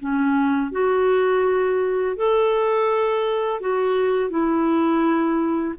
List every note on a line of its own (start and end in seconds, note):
0.00 0.72 C#4
0.72 2.17 F#4
2.17 3.61 A4
3.61 4.30 F#4
4.30 5.75 E4